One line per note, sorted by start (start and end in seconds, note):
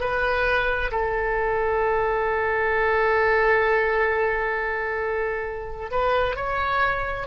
0.00 0.91 B4
0.91 5.91 A4
5.91 6.36 B4
6.36 7.27 C#5